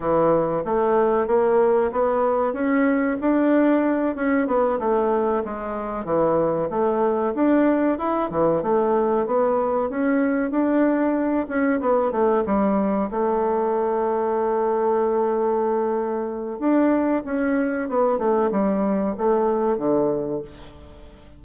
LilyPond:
\new Staff \with { instrumentName = "bassoon" } { \time 4/4 \tempo 4 = 94 e4 a4 ais4 b4 | cis'4 d'4. cis'8 b8 a8~ | a8 gis4 e4 a4 d'8~ | d'8 e'8 e8 a4 b4 cis'8~ |
cis'8 d'4. cis'8 b8 a8 g8~ | g8 a2.~ a8~ | a2 d'4 cis'4 | b8 a8 g4 a4 d4 | }